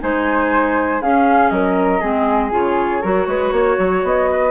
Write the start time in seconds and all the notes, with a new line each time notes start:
0.00 G#3 D#4 C5 G#5
1.02 C#4 G#4 F5
1.49 F#3 A#4 D#5
2.01 G#3 C4 G#4
2.51 C#3 F4 C#5
3.02 F#3 F#4 A#4
3.27 G#3 B4
3.52 A#3 C#5
3.78 F#3
4.03 B3 D#5
4.31 B4